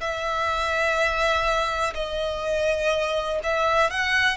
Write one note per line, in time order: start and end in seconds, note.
0.00 1.94 E5
1.94 3.39 D#5
3.43 3.90 E5
3.90 4.36 F#5